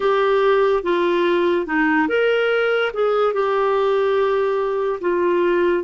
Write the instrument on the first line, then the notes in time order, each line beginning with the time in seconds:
clarinet
0.00 G4
0.83 F4
1.66 D#4
2.08 A#4
2.93 G#4
3.33 G4
5.00 F4